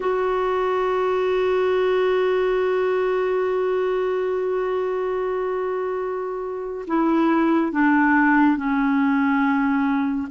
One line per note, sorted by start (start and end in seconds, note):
0.00 6.85 F#4
6.87 7.72 E4
7.72 8.56 D4
8.56 10.28 C#4